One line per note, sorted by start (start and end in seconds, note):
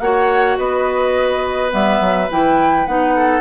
0.00 0.57 A#3
0.00 1.70 F#4
0.00 0.58 C#5
0.00 0.57 F#5
0.58 1.73 B3
0.58 3.15 B4
0.58 1.72 D#5
1.70 2.01 G3
1.70 2.27 B3
1.70 2.30 E5
2.01 2.29 F#3
2.31 2.87 E3
2.31 2.87 E4
2.31 2.87 G5
2.87 3.41 B3
2.87 3.41 D#4
2.87 3.41 F#5
3.16 3.41 A4